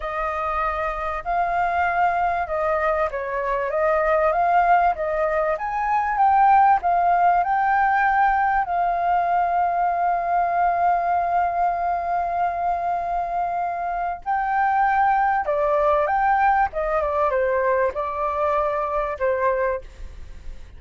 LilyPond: \new Staff \with { instrumentName = "flute" } { \time 4/4 \tempo 4 = 97 dis''2 f''2 | dis''4 cis''4 dis''4 f''4 | dis''4 gis''4 g''4 f''4 | g''2 f''2~ |
f''1~ | f''2. g''4~ | g''4 d''4 g''4 dis''8 d''8 | c''4 d''2 c''4 | }